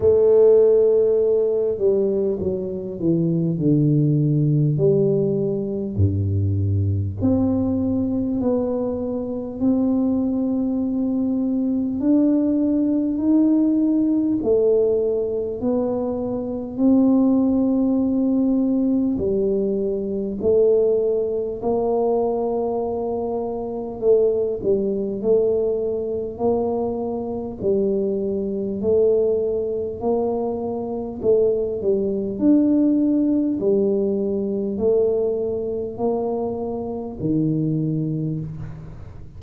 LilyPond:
\new Staff \with { instrumentName = "tuba" } { \time 4/4 \tempo 4 = 50 a4. g8 fis8 e8 d4 | g4 g,4 c'4 b4 | c'2 d'4 dis'4 | a4 b4 c'2 |
g4 a4 ais2 | a8 g8 a4 ais4 g4 | a4 ais4 a8 g8 d'4 | g4 a4 ais4 dis4 | }